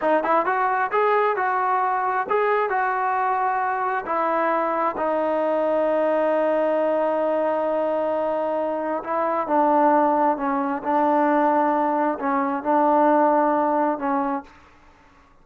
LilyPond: \new Staff \with { instrumentName = "trombone" } { \time 4/4 \tempo 4 = 133 dis'8 e'8 fis'4 gis'4 fis'4~ | fis'4 gis'4 fis'2~ | fis'4 e'2 dis'4~ | dis'1~ |
dis'1 | e'4 d'2 cis'4 | d'2. cis'4 | d'2. cis'4 | }